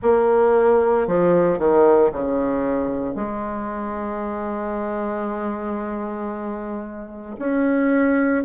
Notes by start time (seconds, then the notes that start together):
0.02 A#3
1.07 F3
1.58 D#3
2.11 C#3
3.15 G#3
7.38 C#4